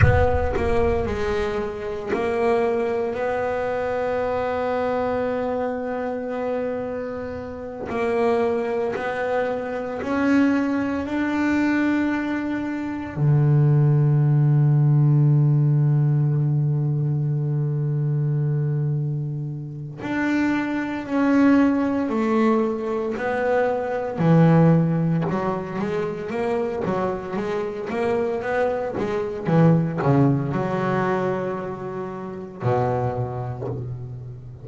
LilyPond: \new Staff \with { instrumentName = "double bass" } { \time 4/4 \tempo 4 = 57 b8 ais8 gis4 ais4 b4~ | b2.~ b8 ais8~ | ais8 b4 cis'4 d'4.~ | d'8 d2.~ d8~ |
d2. d'4 | cis'4 a4 b4 e4 | fis8 gis8 ais8 fis8 gis8 ais8 b8 gis8 | e8 cis8 fis2 b,4 | }